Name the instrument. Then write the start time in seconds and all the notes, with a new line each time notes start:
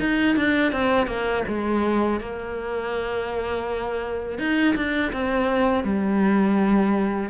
cello
0.00 D#4
0.36 D4
0.72 C4
1.07 A#3
1.48 G#3
2.20 A#3
4.39 D#4
4.75 D4
5.13 C4
5.84 G3